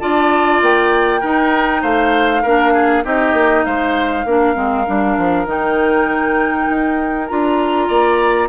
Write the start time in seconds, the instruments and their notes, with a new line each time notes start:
0.00 bassoon D4, clarinet F4, oboe D5, flute A5
0.62 bassoon A#3, flute G5
1.21 clarinet D#4, bassoon D#4, oboe A#4
1.82 bassoon A3, oboe C5, flute F5
2.43 bassoon A#3, clarinet D4, oboe A#4
2.73 oboe G#4
3.04 bassoon C4, clarinet D#4, oboe G4, flute D#5
3.33 bassoon A#3
3.65 bassoon G#3, oboe C5, flute F5
4.25 bassoon A#3, clarinet D4, oboe A#4
4.55 bassoon G#3, clarinet C4
4.87 bassoon G3, clarinet D4
5.18 bassoon F3
5.46 bassoon D#3, clarinet D#4, flute G5
6.70 bassoon D#4
7.28 bassoon D4, clarinet F4, flute A#5
7.88 bassoon A#3, oboe D5